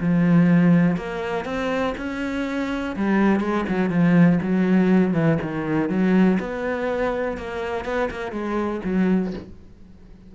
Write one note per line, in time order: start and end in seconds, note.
0.00 0.96 F3
0.96 1.45 A#3
1.45 1.94 C4
1.97 2.96 C#4
2.96 3.40 G3
3.40 3.64 G#3
3.68 3.89 F#3
3.89 4.39 F3
4.42 5.13 F#3
5.13 5.38 E3
5.41 5.89 D#3
5.89 6.38 F#3
6.39 7.37 B3
7.37 7.84 A#3
7.84 8.09 B3
8.10 8.32 A#3
8.32 8.81 G#3
8.84 9.33 F#3